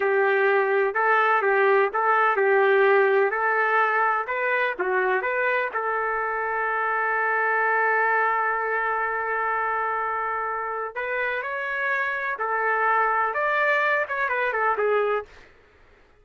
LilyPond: \new Staff \with { instrumentName = "trumpet" } { \time 4/4 \tempo 4 = 126 g'2 a'4 g'4 | a'4 g'2 a'4~ | a'4 b'4 fis'4 b'4 | a'1~ |
a'1~ | a'2. b'4 | cis''2 a'2 | d''4. cis''8 b'8 a'8 gis'4 | }